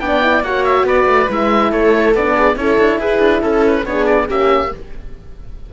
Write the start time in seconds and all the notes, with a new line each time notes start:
0.00 B3 D4 D5 G5
0.21 E4
0.42 A#3 F#4 C#5 F#5
0.64 E5
0.84 B3 B4 D5
1.06 A3
1.29 G#3 E4 E5
1.70 A3 A4 C#5
2.14 B3 D4 D5
2.36 G#4
2.56 C#4 E4 A4 C#5
2.78 D4
2.98 E4 G#4 B4
3.19 D4
3.42 C#4 A4
3.67 B4
3.85 B3 D4 G#4 C#5
4.06 D5
4.28 A#3 C#4 G4 E5